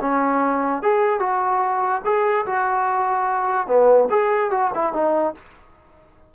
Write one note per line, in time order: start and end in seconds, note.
0.00 0.82 C#4
0.82 1.19 G#4
1.19 2.01 F#4
2.04 2.45 G#4
2.46 3.67 F#4
3.67 4.08 B3
4.10 4.51 G#4
4.51 4.71 F#4
4.74 4.93 E4
4.93 5.34 D#4